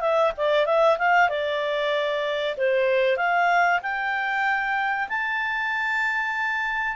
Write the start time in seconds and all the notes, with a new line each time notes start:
0.00 E5
0.37 D5
0.66 E5
0.98 F5
1.29 D5
2.57 C5
3.16 F5
3.82 G5
5.08 A5